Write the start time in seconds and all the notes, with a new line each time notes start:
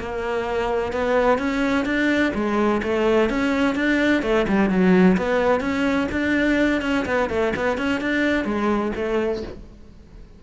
0.00 A#3
0.93 B3
1.39 C#4
1.86 D4
2.35 G#3
2.83 A3
3.30 C#4
3.76 D4
4.23 A3
4.49 G3
4.70 F#3
5.18 B3
5.61 C#4
6.12 D4
6.82 C#4
7.06 B3
7.30 A3
7.57 B3
7.78 C#4
8.01 D4
8.45 G#3
8.96 A3